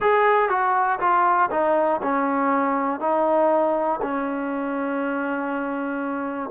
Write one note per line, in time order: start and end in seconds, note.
0.00 0.49 G#4
0.49 0.99 F#4
1.00 1.50 F4
1.50 2.00 D#4
2.02 3.00 C#4
3.00 4.00 D#4
4.02 6.50 C#4